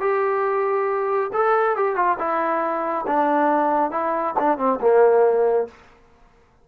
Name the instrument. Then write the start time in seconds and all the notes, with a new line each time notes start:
trombone
0.00 G4
1.33 A4
1.76 G4
1.95 F4
2.18 E4
3.07 D4
3.91 E4
4.39 D4
4.58 C4
4.80 A#3